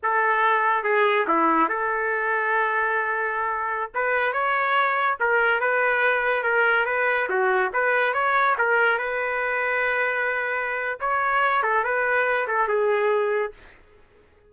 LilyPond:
\new Staff \with { instrumentName = "trumpet" } { \time 4/4 \tempo 4 = 142 a'2 gis'4 e'4 | a'1~ | a'4~ a'16 b'4 cis''4.~ cis''16~ | cis''16 ais'4 b'2 ais'8.~ |
ais'16 b'4 fis'4 b'4 cis''8.~ | cis''16 ais'4 b'2~ b'8.~ | b'2 cis''4. a'8 | b'4. a'8 gis'2 | }